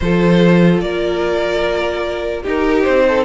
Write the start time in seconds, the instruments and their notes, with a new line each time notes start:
0.00 cello F3, viola F4, violin A4 C5
0.80 cello A#3, violin A#4 D5
2.42 viola D#4, cello D#4, violin G4 A#4
2.83 cello C4, violin C5
3.07 violin A4